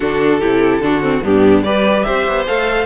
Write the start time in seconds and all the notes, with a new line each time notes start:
0.00 D3 D4 F#4 A4
0.39 C3 E4 G4
0.79 D3 D4 F#4
1.01 C4
1.23 G2 B3 D4 G4
1.63 G3 G4 B4 D5
2.03 C4 C5 E5
2.27 B3
2.47 A3 A4 F5